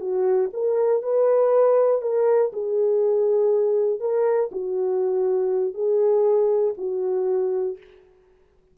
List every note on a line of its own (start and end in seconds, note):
0.00 0.50 F#4
0.53 1.03 A#4
1.03 2.02 B4
2.02 2.52 A#4
2.53 4.00 G#4
4.00 4.50 A#4
4.52 5.74 F#4
5.74 6.74 G#4
6.78 7.78 F#4